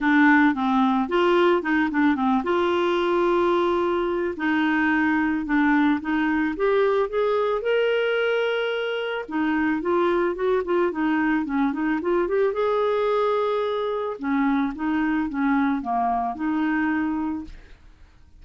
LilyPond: \new Staff \with { instrumentName = "clarinet" } { \time 4/4 \tempo 4 = 110 d'4 c'4 f'4 dis'8 d'8 | c'8 f'2.~ f'8 | dis'2 d'4 dis'4 | g'4 gis'4 ais'2~ |
ais'4 dis'4 f'4 fis'8 f'8 | dis'4 cis'8 dis'8 f'8 g'8 gis'4~ | gis'2 cis'4 dis'4 | cis'4 ais4 dis'2 | }